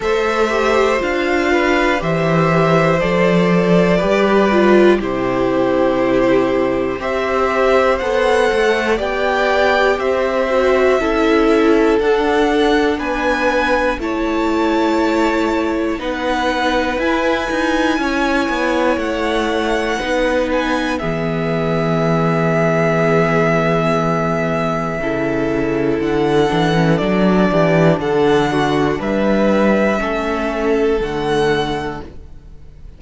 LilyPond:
<<
  \new Staff \with { instrumentName = "violin" } { \time 4/4 \tempo 4 = 60 e''4 f''4 e''4 d''4~ | d''4 c''2 e''4 | fis''4 g''4 e''2 | fis''4 gis''4 a''2 |
fis''4 gis''2 fis''4~ | fis''8 gis''8 e''2.~ | e''2 fis''4 d''4 | fis''4 e''2 fis''4 | }
  \new Staff \with { instrumentName = "violin" } { \time 4/4 c''4. b'8 c''2 | b'4 g'2 c''4~ | c''4 d''4 c''4 a'4~ | a'4 b'4 cis''2 |
b'2 cis''2 | b'4 gis'2.~ | gis'4 a'2~ a'8 g'8 | a'8 fis'8 b'4 a'2 | }
  \new Staff \with { instrumentName = "viola" } { \time 4/4 a'8 g'8 f'4 g'4 a'4 | g'8 f'8 e'2 g'4 | a'4 g'4. fis'8 e'4 | d'2 e'2 |
dis'4 e'2. | dis'4 b2.~ | b4 e'4. d'16 cis'16 d'4~ | d'2 cis'4 a4 | }
  \new Staff \with { instrumentName = "cello" } { \time 4/4 a4 d'4 e4 f4 | g4 c2 c'4 | b8 a8 b4 c'4 cis'4 | d'4 b4 a2 |
b4 e'8 dis'8 cis'8 b8 a4 | b4 e2.~ | e4 cis4 d8 e8 fis8 e8 | d4 g4 a4 d4 | }
>>